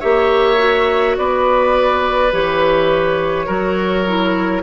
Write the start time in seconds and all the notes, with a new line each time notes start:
0.00 A#3 G4 C#5 E5
0.57 F#4
1.17 B3 B4 D5
2.32 E3 G4 C#5
3.46 F#3 F#4 A#4
4.07 E4